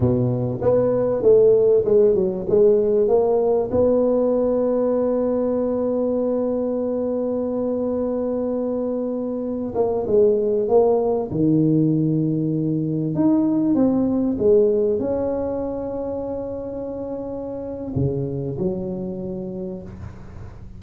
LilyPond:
\new Staff \with { instrumentName = "tuba" } { \time 4/4 \tempo 4 = 97 b,4 b4 a4 gis8 fis8 | gis4 ais4 b2~ | b1~ | b2.~ b8. ais16~ |
ais16 gis4 ais4 dis4.~ dis16~ | dis4~ dis16 dis'4 c'4 gis8.~ | gis16 cis'2.~ cis'8.~ | cis'4 cis4 fis2 | }